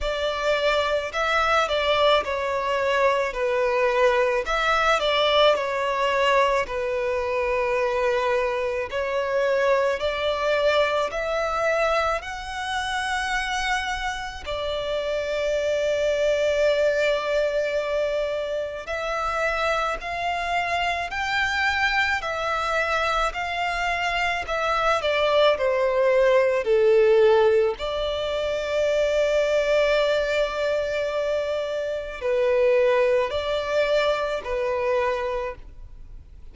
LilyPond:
\new Staff \with { instrumentName = "violin" } { \time 4/4 \tempo 4 = 54 d''4 e''8 d''8 cis''4 b'4 | e''8 d''8 cis''4 b'2 | cis''4 d''4 e''4 fis''4~ | fis''4 d''2.~ |
d''4 e''4 f''4 g''4 | e''4 f''4 e''8 d''8 c''4 | a'4 d''2.~ | d''4 b'4 d''4 b'4 | }